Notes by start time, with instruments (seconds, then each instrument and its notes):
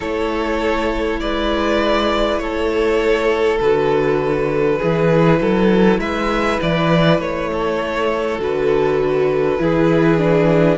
0.00 cello A3, viola E4, violin A4 C#5
1.20 cello G#3, violin B4 D5
2.38 cello A3, violin A4 C#5
3.60 cello D3, viola F#4, violin B4
4.79 cello E3, viola E4, violin G#4
5.40 cello F#3, violin A4
5.99 cello G#3, violin B4 E5
6.61 cello E3, violin D5
7.19 cello A3, violin C#5
7.52 violin A4
8.38 cello D3, viola F#4, violin B4
9.59 cello E3, viola E4, violin G#4
10.18 viola D4